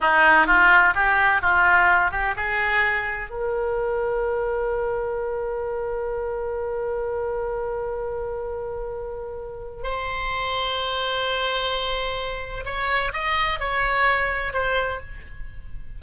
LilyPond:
\new Staff \with { instrumentName = "oboe" } { \time 4/4 \tempo 4 = 128 dis'4 f'4 g'4 f'4~ | f'8 g'8 gis'2 ais'4~ | ais'1~ | ais'1~ |
ais'1~ | ais'4 c''2.~ | c''2. cis''4 | dis''4 cis''2 c''4 | }